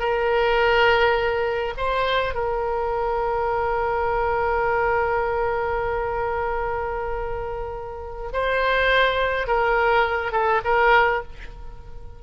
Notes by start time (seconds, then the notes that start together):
0.00 A#4
1.78 C5
2.35 A#4
8.33 C5
9.48 A#4
10.33 A4
10.65 A#4